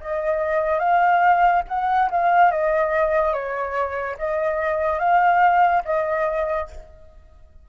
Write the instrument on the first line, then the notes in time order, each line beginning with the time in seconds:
flute
0.00 D#5
0.79 F5
1.67 F#5
2.10 F5
2.51 D#5
3.33 C#5
4.18 D#5
4.99 F5
5.84 D#5